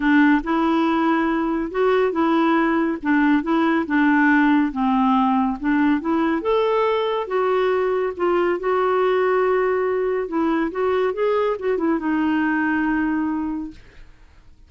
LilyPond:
\new Staff \with { instrumentName = "clarinet" } { \time 4/4 \tempo 4 = 140 d'4 e'2. | fis'4 e'2 d'4 | e'4 d'2 c'4~ | c'4 d'4 e'4 a'4~ |
a'4 fis'2 f'4 | fis'1 | e'4 fis'4 gis'4 fis'8 e'8 | dis'1 | }